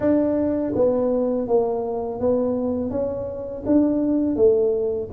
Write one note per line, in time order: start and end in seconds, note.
0.00 0.73 D4
0.75 1.47 B3
1.47 2.20 A#3
2.20 2.90 B3
2.90 3.63 C#4
3.66 4.35 D4
4.35 5.09 A3